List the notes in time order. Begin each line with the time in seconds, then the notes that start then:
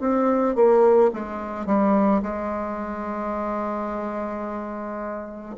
0.00 C4
0.55 A#3
1.13 G#3
1.66 G3
2.22 G#3